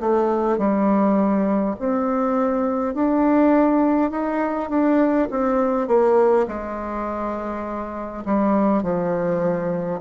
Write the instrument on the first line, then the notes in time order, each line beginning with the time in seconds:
bassoon
0.00 A3
0.58 G3
1.79 C4
2.95 D4
4.11 D#4
4.70 D4
5.30 C4
5.88 A#3
6.48 G#3
8.25 G3
8.83 F3